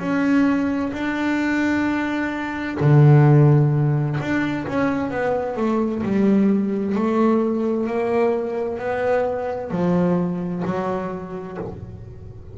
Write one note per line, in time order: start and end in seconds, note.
0.00 0.92 C#4
0.93 2.78 D4
2.80 4.19 D3
4.20 4.67 D4
4.68 5.10 C#4
5.10 5.56 B3
5.56 6.03 A3
6.03 6.95 G3
6.95 7.87 A3
7.87 8.79 A#3
8.79 9.71 B3
9.71 10.63 F3
10.65 11.58 F#3